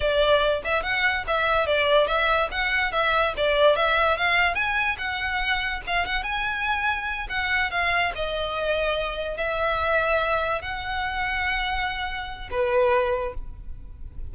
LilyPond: \new Staff \with { instrumentName = "violin" } { \time 4/4 \tempo 4 = 144 d''4. e''8 fis''4 e''4 | d''4 e''4 fis''4 e''4 | d''4 e''4 f''4 gis''4 | fis''2 f''8 fis''8 gis''4~ |
gis''4. fis''4 f''4 dis''8~ | dis''2~ dis''8 e''4.~ | e''4. fis''2~ fis''8~ | fis''2 b'2 | }